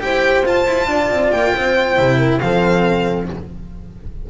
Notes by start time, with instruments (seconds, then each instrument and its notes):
0.00 double bass E4, cello G4, horn C5, violin G5
0.43 double bass F4, cello F4, violin A5
0.66 double bass E4
0.87 double bass D4, horn D5
1.09 double bass C4
1.31 double bass A#3, violin G5
1.55 double bass C4, horn C5
1.96 double bass C3, cello E4
2.18 horn A#4
2.39 double bass F3, cello C4, horn A4, violin F5